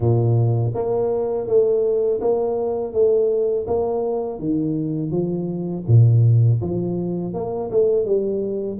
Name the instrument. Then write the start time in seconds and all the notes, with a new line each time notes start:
tuba
0.00 A#2
0.74 A#3
1.47 A3
2.20 A#3
2.93 A3
3.67 A#3
4.39 D#3
5.11 F3
5.87 A#2
6.61 F3
7.33 A#3
7.71 A3
8.05 G3